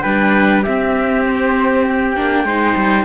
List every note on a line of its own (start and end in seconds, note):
0.00 0.65 G3
0.00 0.64 D4
0.00 0.63 B4
0.00 0.61 G5
0.62 2.16 C4
0.62 2.45 G4
0.62 1.23 E5
1.24 1.85 C5
1.87 3.04 G5
2.16 2.44 A#3
2.16 2.46 D4
2.44 2.74 G#3
2.44 3.04 D#4
2.44 3.04 C5
2.76 3.04 G3